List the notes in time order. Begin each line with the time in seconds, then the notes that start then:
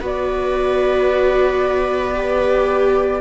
0.00 B3 F#4 B4 D5
2.15 G4